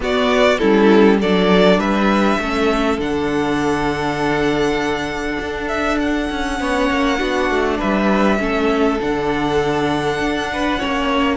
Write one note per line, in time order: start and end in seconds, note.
0.00 0.58 B3
0.00 0.59 B3
0.00 0.59 F#4
0.00 0.58 D5
0.58 1.21 G3
0.58 1.21 C#4
0.58 1.19 E4
0.58 1.18 A4
1.20 1.78 F#3
1.20 2.42 D4
1.20 1.79 A4
1.20 1.79 D5
1.78 2.38 G3
1.78 2.39 B4
1.78 3.00 E5
2.38 2.97 A3
2.38 2.99 C#4
2.38 6.60 A4
2.97 5.37 D3
2.97 6.58 D4
2.97 5.68 F#5
5.39 6.29 D4
5.68 5.98 E5
5.99 7.79 F#5
6.30 6.59 C#4
6.58 6.90 B3
6.58 7.17 C#4
6.58 7.19 C#5
6.90 7.20 A#3
7.17 7.50 B3
7.17 8.38 D4
7.17 7.78 F#4
7.50 7.79 A3
7.78 8.39 G3
7.78 8.38 B4
7.78 9.00 E5
8.38 8.99 A3
8.38 8.98 C#4
8.38 10.52 A4
9.00 10.19 D3
9.00 10.78 D4
9.00 11.36 F#5
10.19 10.79 D4
10.52 10.79 B4
10.78 11.36 C#4
10.78 11.36 C#5
10.84 11.36 A#3